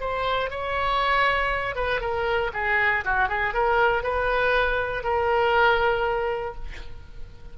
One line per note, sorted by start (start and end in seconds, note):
0.00 0.50 C5
0.50 1.76 C#5
1.76 2.01 B4
2.01 2.51 A#4
2.53 3.04 G#4
3.04 3.28 F#4
3.28 3.54 G#4
3.54 4.03 A#4
4.03 5.03 B4
5.03 6.55 A#4